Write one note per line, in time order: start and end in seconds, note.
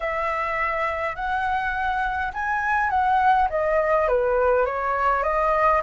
0.00 1.15 E5
1.15 2.31 F#5
2.33 2.90 G#5
2.90 3.48 F#5
3.49 4.08 D#5
4.08 4.65 B4
4.65 5.23 C#5
5.23 5.81 D#5